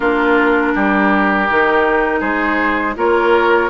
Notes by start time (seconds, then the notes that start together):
0.00 A#3 D4 F4 A#4
0.75 G3 G4
1.49 D#3 D#4
2.20 G#3 G#4 C5
2.96 A#3 F4 A#4 C#5